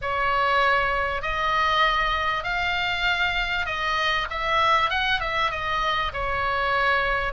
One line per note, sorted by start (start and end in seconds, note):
0.01 1.22 C#5
1.22 2.43 D#5
2.43 3.65 F5
3.65 4.27 D#5
4.30 4.90 E5
4.90 5.20 F#5
5.20 5.50 E5
5.50 6.12 D#5
6.13 7.32 C#5